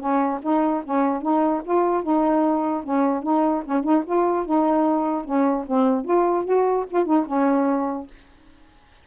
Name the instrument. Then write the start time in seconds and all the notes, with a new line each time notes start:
saxophone
0.00 C#4
0.43 D#4
0.85 C#4
1.22 D#4
1.65 F4
2.04 D#4
2.84 C#4
3.23 D#4
3.66 C#4
3.84 D#4
4.06 F4
4.46 D#4
5.25 C#4
5.67 C4
6.05 F4
6.45 F#4
6.91 F4
7.06 D#4
7.27 C#4